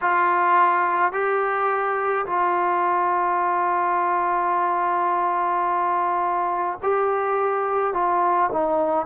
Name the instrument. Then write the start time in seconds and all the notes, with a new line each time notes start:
trombone
0.01 F4
1.12 G4
2.25 F4
6.82 G4
7.93 F4
8.52 D#4